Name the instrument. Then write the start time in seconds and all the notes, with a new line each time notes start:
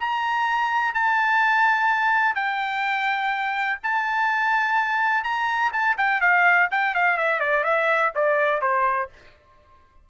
trumpet
0.00 A#5
0.94 A5
2.35 G5
3.83 A5
5.24 A#5
5.73 A5
5.98 G5
6.21 F5
6.71 G5
6.95 F5
7.17 E5
7.40 D5
7.64 E5
8.15 D5
8.61 C5